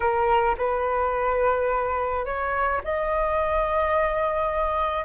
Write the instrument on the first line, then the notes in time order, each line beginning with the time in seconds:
flute
0.00 A#4
0.57 B4
2.25 C#5
2.84 D#5